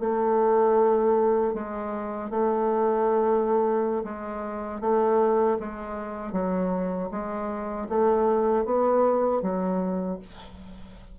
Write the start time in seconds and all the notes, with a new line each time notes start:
0.00 A3
1.54 G#3
2.31 A3
4.04 G#3
4.81 A3
5.60 G#3
6.33 F#3
7.11 G#3
7.89 A3
8.65 B3
9.42 F#3